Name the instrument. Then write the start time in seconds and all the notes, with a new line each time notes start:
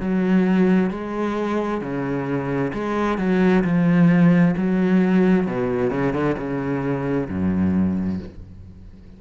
cello
0.00 F#3
0.90 G#3
1.81 C#3
2.73 G#3
3.18 F#3
3.64 F3
4.57 F#3
5.47 B2
5.90 C#3
6.13 D3
6.38 C#3
7.29 F#2